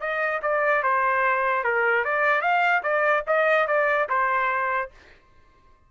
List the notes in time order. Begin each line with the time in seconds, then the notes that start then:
0.00 D#5
0.42 D5
0.83 C5
1.64 A#4
2.04 D5
2.41 F5
2.83 D5
3.27 D#5
3.67 D5
4.09 C5